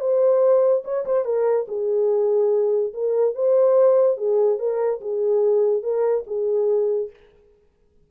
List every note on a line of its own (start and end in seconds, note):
0.00 0.83 C5
0.84 1.05 C#5
1.06 1.25 C5
1.25 1.67 A#4
1.68 2.93 G#4
2.94 3.35 A#4
3.35 4.17 C5
4.17 4.59 G#4
4.59 5.01 A#4
5.01 5.83 G#4
5.83 6.25 A#4
6.27 7.10 G#4